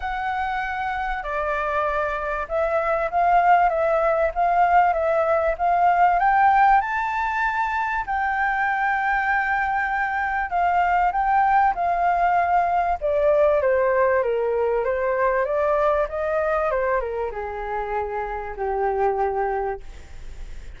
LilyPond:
\new Staff \with { instrumentName = "flute" } { \time 4/4 \tempo 4 = 97 fis''2 d''2 | e''4 f''4 e''4 f''4 | e''4 f''4 g''4 a''4~ | a''4 g''2.~ |
g''4 f''4 g''4 f''4~ | f''4 d''4 c''4 ais'4 | c''4 d''4 dis''4 c''8 ais'8 | gis'2 g'2 | }